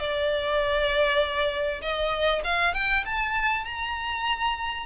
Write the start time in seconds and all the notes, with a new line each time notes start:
0.00 D5
1.82 D#5
2.44 F5
2.74 G5
3.06 A5
3.65 A#5